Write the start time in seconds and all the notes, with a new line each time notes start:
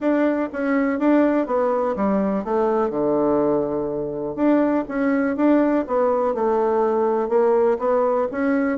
0.00 D4
0.53 C#4
0.99 D4
1.46 B3
1.96 G3
2.44 A3
2.89 D3
4.35 D4
4.88 C#4
5.36 D4
5.87 B3
6.34 A3
7.28 A#3
7.78 B3
8.31 C#4